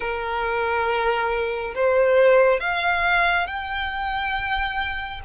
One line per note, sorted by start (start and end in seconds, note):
0.00 1.74 A#4
1.74 2.59 C5
2.59 3.46 F5
3.46 5.20 G5